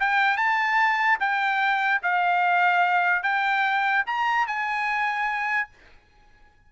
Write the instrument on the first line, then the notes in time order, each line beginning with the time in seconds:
trumpet
0.00 G5
0.37 A5
1.20 G5
2.02 F5
3.23 G5
4.06 A#5
4.47 G#5